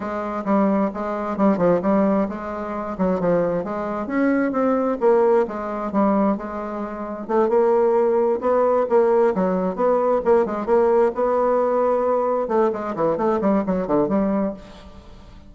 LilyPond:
\new Staff \with { instrumentName = "bassoon" } { \time 4/4 \tempo 4 = 132 gis4 g4 gis4 g8 f8 | g4 gis4. fis8 f4 | gis4 cis'4 c'4 ais4 | gis4 g4 gis2 |
a8 ais2 b4 ais8~ | ais8 fis4 b4 ais8 gis8 ais8~ | ais8 b2. a8 | gis8 e8 a8 g8 fis8 d8 g4 | }